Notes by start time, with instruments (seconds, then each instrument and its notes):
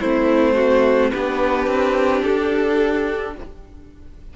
0.00 cello A3, viola C4, violin E4 C5
0.55 violin F#4
1.11 cello B3, viola D4, violin G4 B4
1.67 cello C4
2.23 cello D4, violin A4